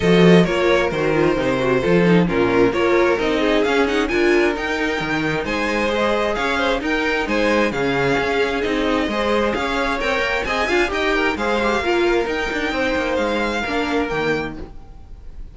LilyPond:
<<
  \new Staff \with { instrumentName = "violin" } { \time 4/4 \tempo 4 = 132 dis''4 cis''4 c''2~ | c''4 ais'4 cis''4 dis''4 | f''8 fis''8 gis''4 g''2 | gis''4 dis''4 f''4 g''4 |
gis''4 f''2 dis''4~ | dis''4 f''4 g''4 gis''4 | g''4 f''2 g''4~ | g''4 f''2 g''4 | }
  \new Staff \with { instrumentName = "violin" } { \time 4/4 a'4 ais'2. | a'4 f'4 ais'4. gis'8~ | gis'4 ais'2. | c''2 cis''8 c''8 ais'4 |
c''4 gis'2. | c''4 cis''2 dis''8 f''8 | dis''8 ais'8 c''4 ais'2 | c''2 ais'2 | }
  \new Staff \with { instrumentName = "viola" } { \time 4/4 fis'4 f'4 fis'8 f'8 dis'8 fis'8 | f'8 dis'8 cis'4 f'4 dis'4 | cis'8 dis'8 f'4 dis'2~ | dis'4 gis'2 dis'4~ |
dis'4 cis'2 dis'4 | gis'2 ais'4 gis'8 f'8 | g'4 gis'8 g'8 f'4 dis'4~ | dis'2 d'4 ais4 | }
  \new Staff \with { instrumentName = "cello" } { \time 4/4 f4 ais4 dis4 c4 | f4 ais,4 ais4 c'4 | cis'4 d'4 dis'4 dis4 | gis2 cis'4 dis'4 |
gis4 cis4 cis'4 c'4 | gis4 cis'4 c'8 ais8 c'8 d'8 | dis'4 gis4 ais4 dis'8 d'8 | c'8 ais8 gis4 ais4 dis4 | }
>>